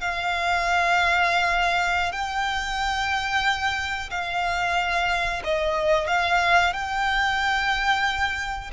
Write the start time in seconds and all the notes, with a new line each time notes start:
0.00 F5
2.12 G5
4.10 F5
5.43 D#5
6.07 F5
6.73 G5